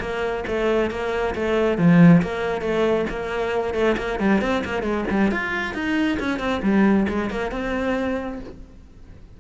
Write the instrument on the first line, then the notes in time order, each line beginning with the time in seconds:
cello
0.00 A#3
0.47 A3
0.90 A#3
1.35 A3
1.78 F3
2.22 A#3
2.61 A3
3.10 A#3
3.74 A3
3.97 A#3
4.19 G3
4.41 C4
4.64 A#3
4.82 G#3
5.10 G3
5.31 F4
5.74 D#4
6.19 C#4
6.39 C4
6.62 G3
7.08 G#3
7.30 A#3
7.51 C4